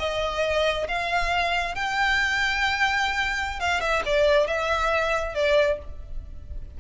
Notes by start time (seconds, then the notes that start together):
0.00 D#5
0.89 F5
1.76 G5
3.60 F5
3.81 E5
4.06 D5
4.47 E5
5.35 D5